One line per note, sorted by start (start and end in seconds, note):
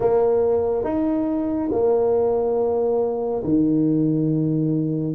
0.00 0.84 A#3
0.84 1.69 D#4
1.71 3.42 A#3
3.43 5.14 D#3